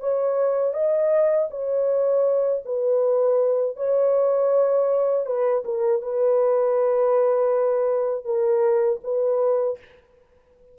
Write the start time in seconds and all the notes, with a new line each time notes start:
0.00 C#5
0.73 D#5
1.50 C#5
2.65 B4
3.76 C#5
5.26 B4
5.65 A#4
6.02 B4
8.25 A#4
9.03 B4